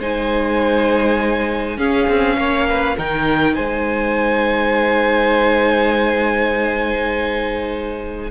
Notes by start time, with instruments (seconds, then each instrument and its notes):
0.00 cello G#3, viola D#4, violin C5 G#5
1.77 cello C#4, viola C#4, violin G#4 F5
2.08 cello C4
2.37 cello A#3, violin C#5
2.69 violin B4
2.97 cello D#3, viola D#4, violin A#4 G5
3.55 cello G#3, violin C5 G#5